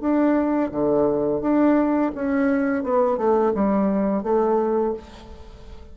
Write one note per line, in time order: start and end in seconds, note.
0.00 0.71 D4
0.71 1.41 D3
1.41 2.11 D4
2.15 2.83 C#4
2.83 3.17 B3
3.17 3.53 A3
3.54 4.23 G3
4.23 4.93 A3